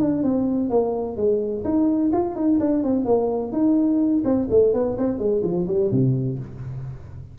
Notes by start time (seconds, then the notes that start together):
0.00 D4
0.23 C4
0.70 A#3
1.17 G#3
1.64 D#4
2.13 F4
2.36 D#4
2.60 D4
2.84 C4
3.05 A#3
3.53 D#4
4.25 C4
4.50 A3
4.74 B3
4.98 C4
5.19 G#3
5.43 F3
5.67 G3
5.92 C3